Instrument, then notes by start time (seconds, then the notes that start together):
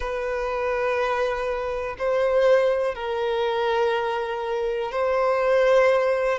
violin
0.00 B4
1.98 C5
2.95 A#4
4.91 C5